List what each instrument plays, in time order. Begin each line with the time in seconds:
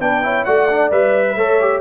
0.00 tuba B3, trombone D4, horn B4, trumpet G5
0.23 trombone E4, horn C#5
0.45 tuba A3, trombone F#4, horn D5, trumpet F#5
0.70 trombone D4
0.91 tuba G3, trombone B4, trumpet E5
1.29 horn B4
1.36 tuba A3, trombone A4, horn C#5
1.60 trombone G4